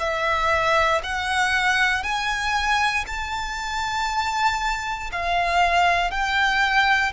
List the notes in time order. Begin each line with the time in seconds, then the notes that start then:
0.00 E5
1.04 F#5
2.03 G#5
3.07 A5
5.12 F5
6.11 G5